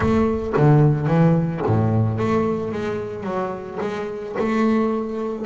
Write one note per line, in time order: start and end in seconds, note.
0.00 0.53 A3
0.56 1.06 D3
1.06 1.61 E3
1.65 2.18 A2
2.18 2.72 A3
2.72 3.23 G#3
3.23 3.78 F#3
3.81 4.35 G#3
4.39 5.45 A3